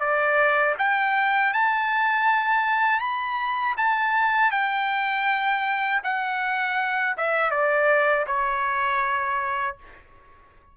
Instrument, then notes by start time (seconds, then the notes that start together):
trumpet
0.00 D5
0.79 G5
1.54 A5
3.00 B5
3.77 A5
4.51 G5
6.04 F#5
7.18 E5
7.51 D5
8.27 C#5